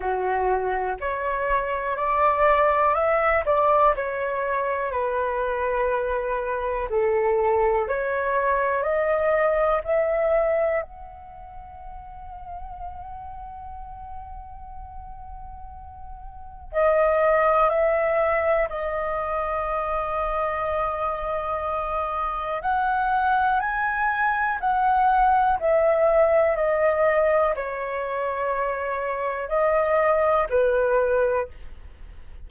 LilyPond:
\new Staff \with { instrumentName = "flute" } { \time 4/4 \tempo 4 = 61 fis'4 cis''4 d''4 e''8 d''8 | cis''4 b'2 a'4 | cis''4 dis''4 e''4 fis''4~ | fis''1~ |
fis''4 dis''4 e''4 dis''4~ | dis''2. fis''4 | gis''4 fis''4 e''4 dis''4 | cis''2 dis''4 b'4 | }